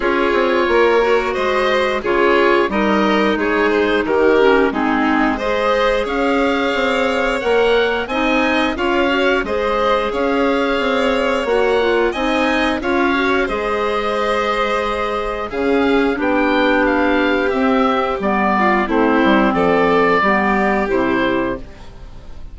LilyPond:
<<
  \new Staff \with { instrumentName = "oboe" } { \time 4/4 \tempo 4 = 89 cis''2 dis''4 cis''4 | dis''4 cis''8 c''8 ais'4 gis'4 | dis''4 f''2 fis''4 | gis''4 f''4 dis''4 f''4~ |
f''4 fis''4 gis''4 f''4 | dis''2. f''4 | g''4 f''4 e''4 d''4 | c''4 d''2 c''4 | }
  \new Staff \with { instrumentName = "violin" } { \time 4/4 gis'4 ais'4 c''4 gis'4 | ais'4 gis'4 g'4 dis'4 | c''4 cis''2. | dis''4 cis''4 c''4 cis''4~ |
cis''2 dis''4 cis''4 | c''2. gis'4 | g'2.~ g'8 f'8 | e'4 a'4 g'2 | }
  \new Staff \with { instrumentName = "clarinet" } { \time 4/4 f'4. fis'4. f'4 | dis'2~ dis'8 cis'8 c'4 | gis'2. ais'4 | dis'4 f'8 fis'8 gis'2~ |
gis'4 fis'8 f'8 dis'4 f'8 fis'8 | gis'2. cis'4 | d'2 c'4 b4 | c'2 b4 e'4 | }
  \new Staff \with { instrumentName = "bassoon" } { \time 4/4 cis'8 c'8 ais4 gis4 cis4 | g4 gis4 dis4 gis4~ | gis4 cis'4 c'4 ais4 | c'4 cis'4 gis4 cis'4 |
c'4 ais4 c'4 cis'4 | gis2. cis4 | b2 c'4 g4 | a8 g8 f4 g4 c4 | }
>>